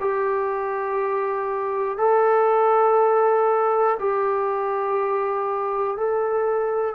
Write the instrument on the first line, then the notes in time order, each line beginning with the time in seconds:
trombone
0.00 G4
1.97 A4
4.00 G4
5.97 A4